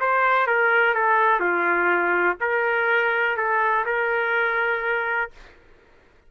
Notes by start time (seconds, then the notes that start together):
0.00 C5
0.47 A#4
0.95 A4
1.40 F4
2.41 A#4
3.37 A4
3.86 A#4